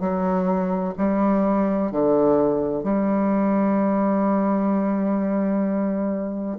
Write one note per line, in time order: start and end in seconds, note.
0.00 0.94 F#3
0.98 1.91 G3
1.91 2.83 D3
2.83 6.58 G3